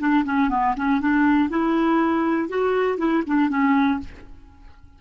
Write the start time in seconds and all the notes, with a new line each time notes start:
0.00 D4
0.25 C#4
0.50 B3
0.77 C#4
1.01 D4
1.50 E4
2.49 F#4
2.99 E4
3.27 D4
3.50 C#4